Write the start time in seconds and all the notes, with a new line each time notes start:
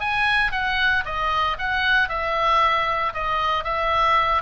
0.00 G#5
0.51 F#5
1.05 D#5
1.58 F#5
2.09 E5
3.13 D#5
3.64 E5